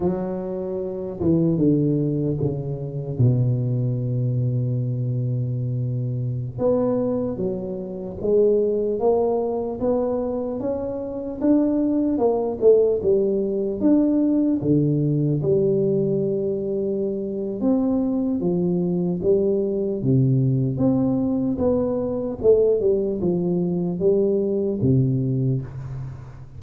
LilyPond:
\new Staff \with { instrumentName = "tuba" } { \time 4/4 \tempo 4 = 75 fis4. e8 d4 cis4 | b,1~ | b,16 b4 fis4 gis4 ais8.~ | ais16 b4 cis'4 d'4 ais8 a16~ |
a16 g4 d'4 d4 g8.~ | g2 c'4 f4 | g4 c4 c'4 b4 | a8 g8 f4 g4 c4 | }